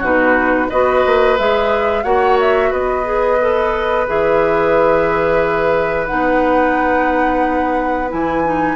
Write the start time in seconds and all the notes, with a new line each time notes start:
0.00 B2 D#4 F#4 B4
0.70 B3 F#4 B4 D#5
1.06 A#3
1.38 G#3 G#4 E5
2.04 A#3 F#4 C#5 F#5
2.41 E5
2.71 B3 B4 D#5
3.05 G#4
3.41 A4
4.08 E3 G#4 E5
6.07 B3 D#4 F#5
8.09 E3 E4 G#5
8.45 D#4